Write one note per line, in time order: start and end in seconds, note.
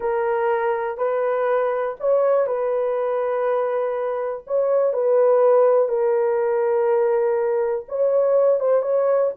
0.00 0.97 A#4
0.97 1.96 B4
1.99 2.46 C#5
2.46 4.43 B4
4.46 4.93 C#5
4.93 5.88 B4
5.88 7.85 A#4
7.88 8.60 C#5
8.60 8.82 C5
8.82 9.31 C#5